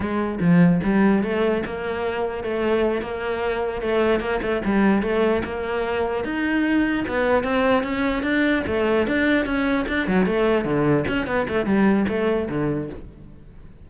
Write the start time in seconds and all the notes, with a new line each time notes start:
0.00 G#3
0.40 F3
0.83 G3
1.23 A3
1.65 A#3
2.43 A3
3.01 A#3
3.81 A3
4.20 A#3
4.41 A3
4.64 G3
5.02 A3
5.44 A#3
6.24 D#4
7.08 B3
7.43 C4
7.83 C#4
8.22 D4
8.66 A3
9.07 D4
9.45 C#4
9.88 D4
10.07 F#3
10.26 A3
10.64 D3
11.08 C#4
11.26 B3
11.48 A3
11.65 G3
12.08 A3
12.49 D3